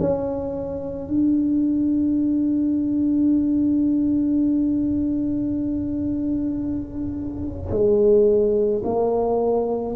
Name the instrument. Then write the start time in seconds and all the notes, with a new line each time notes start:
tuba
0.00 C#4
1.08 D4
7.71 G#3
8.84 A#3